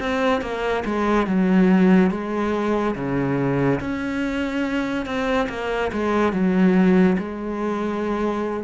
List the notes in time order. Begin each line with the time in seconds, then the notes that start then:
0.00 C4
0.41 A#3
0.85 G#3
1.27 F#3
2.10 G#3
2.95 C#3
3.80 C#4
5.06 C4
5.49 A#3
5.93 G#3
6.33 F#3
7.18 G#3